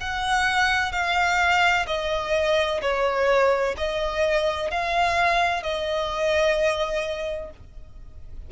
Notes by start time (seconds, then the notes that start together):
0.00 F#5
0.92 F5
1.87 D#5
2.81 C#5
3.77 D#5
4.70 F5
5.62 D#5